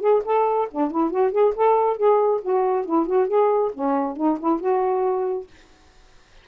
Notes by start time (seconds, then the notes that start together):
0.00 G#4
0.25 A4
0.71 D4
0.91 E4
1.10 F#4
1.32 G#4
1.55 A4
1.97 G#4
2.42 F#4
2.85 E4
3.06 F#4
3.27 G#4
3.74 C#4
4.16 D#4
4.39 E4
4.60 F#4